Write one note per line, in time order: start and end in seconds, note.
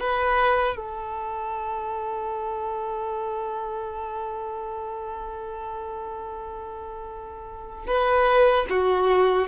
0.00 0.76 B4
0.76 7.86 A4
7.87 8.66 B4
8.69 9.47 F#4